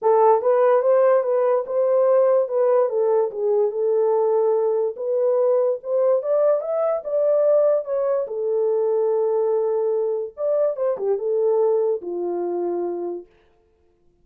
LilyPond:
\new Staff \with { instrumentName = "horn" } { \time 4/4 \tempo 4 = 145 a'4 b'4 c''4 b'4 | c''2 b'4 a'4 | gis'4 a'2. | b'2 c''4 d''4 |
e''4 d''2 cis''4 | a'1~ | a'4 d''4 c''8 g'8 a'4~ | a'4 f'2. | }